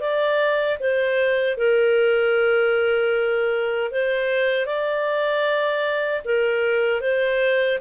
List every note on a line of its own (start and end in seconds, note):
0.00 0.78 D5
0.79 1.57 C5
1.57 3.91 A#4
3.91 4.66 C5
4.66 6.22 D5
6.24 7.01 A#4
7.01 7.79 C5